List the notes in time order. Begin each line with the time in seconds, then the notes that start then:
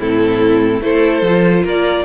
0.00 A2 C4 E4 A4
0.81 A3 E4 A4 C5
1.22 F3
1.29 F4
1.63 A#3 A#4 D5